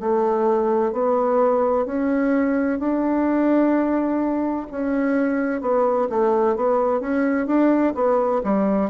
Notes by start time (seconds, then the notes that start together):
0.00 A3
0.93 B3
1.86 C#4
2.79 D4
4.71 C#4
5.61 B3
6.10 A3
6.56 B3
7.01 C#4
7.47 D4
7.95 B3
8.44 G3